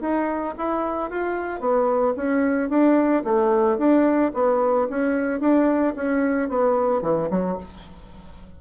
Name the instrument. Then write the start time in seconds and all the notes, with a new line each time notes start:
bassoon
0.00 D#4
0.57 E4
1.10 F4
1.60 B3
2.16 C#4
2.69 D4
3.24 A3
3.77 D4
4.33 B3
4.89 C#4
5.40 D4
5.95 C#4
6.49 B3
7.01 E3
7.30 F#3